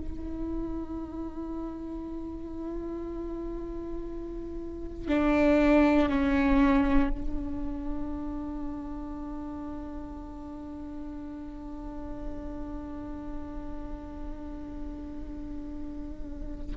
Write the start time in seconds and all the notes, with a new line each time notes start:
0.00 E4
5.08 D4
6.09 C#4
7.10 D4